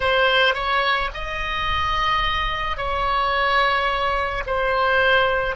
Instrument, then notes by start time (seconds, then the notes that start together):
oboe
0.00 C5
0.54 C#5
1.14 D#5
2.77 C#5
4.46 C5